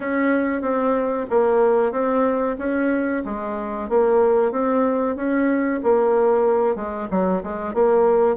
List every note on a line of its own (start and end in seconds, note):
0.00 0.61 C#4
0.61 1.26 C4
1.30 1.92 A#3
1.92 2.56 C4
2.58 3.23 C#4
3.24 3.89 G#3
3.89 4.51 A#3
4.51 5.16 C4
5.16 5.80 C#4
5.83 6.75 A#3
6.75 7.08 G#3
7.10 7.43 F#3
7.43 7.74 G#3
7.74 8.36 A#3